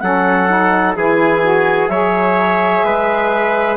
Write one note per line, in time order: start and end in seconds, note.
0.00 0.96 F#3
0.00 0.49 C#4
0.00 0.98 A4
0.00 0.94 F#5
0.49 0.96 D#4
0.96 1.89 E3
0.96 1.43 E4
0.96 1.91 G#4
0.96 1.89 G#5
1.43 1.90 F#4
1.89 2.83 F#3
1.89 3.77 G#4
1.89 2.85 C#5
1.89 3.76 E5
2.85 3.77 G#3
2.85 3.77 B4